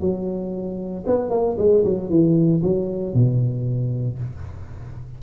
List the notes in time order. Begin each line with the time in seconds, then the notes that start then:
0.00 F#3
1.06 B3
1.30 A#3
1.58 G#3
1.84 F#3
2.09 E3
2.63 F#3
3.14 B2